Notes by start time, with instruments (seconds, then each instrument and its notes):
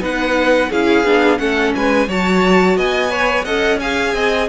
0.00 cello B3, viola D#4, violin B4 F#5
0.70 cello C#4, viola E4, violin G#4 F5
1.04 cello B3, viola D4
1.39 cello A3, viola C#4, violin A4 F#5
1.75 cello G#3, violin B4 G#5
2.08 cello F#3, viola F#4, violin C#5 A5
2.77 cello B3, violin D#5 G#5
3.10 viola B4, violin C#5
3.45 cello C#4, viola A4, violin D#5 F#5
3.80 viola G#4, violin F5 G#5
4.15 cello C4, violin D#5